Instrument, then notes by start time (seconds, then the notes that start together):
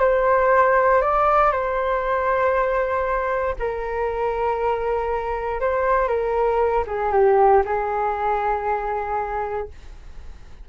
flute
0.00 C5
1.02 D5
1.52 C5
3.59 A#4
5.60 C5
6.08 A#4
6.87 G#4
7.13 G4
7.65 G#4